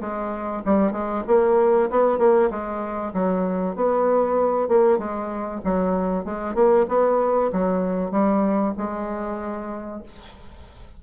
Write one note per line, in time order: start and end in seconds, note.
0.00 0.62 G#3
0.65 0.92 G3
0.92 1.23 G#3
1.27 1.89 A#3
1.90 2.18 B3
2.18 2.49 A#3
2.50 3.12 G#3
3.13 3.75 F#3
3.75 4.68 B3
4.68 4.98 A#3
4.98 5.61 G#3
5.64 6.24 F#3
6.24 6.55 G#3
6.55 6.86 A#3
6.88 7.51 B3
7.52 8.11 F#3
8.11 8.73 G3
8.77 10.02 G#3